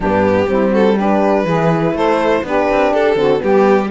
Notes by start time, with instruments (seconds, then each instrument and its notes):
0.00 cello G2, horn B3, saxophone D4, violin G4
0.47 cello G3, horn C4, saxophone E4
0.70 saxophone F#4, violin A4
0.96 horn D4, saxophone G4, violin B4
1.44 cello E3, horn E4, saxophone G#4
1.93 cello A3, saxophone A4, violin C5
2.42 cello B3, horn D4, saxophone G4, violin B4
2.70 cello C4
2.93 cello D4, violin A4
3.15 cello D3, horn C4, saxophone F#4
3.37 cello G3, horn B3, saxophone G4, violin G4